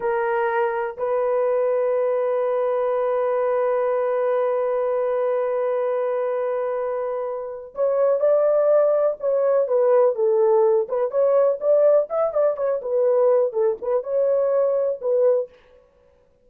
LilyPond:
\new Staff \with { instrumentName = "horn" } { \time 4/4 \tempo 4 = 124 ais'2 b'2~ | b'1~ | b'1~ | b'1 |
cis''4 d''2 cis''4 | b'4 a'4. b'8 cis''4 | d''4 e''8 d''8 cis''8 b'4. | a'8 b'8 cis''2 b'4 | }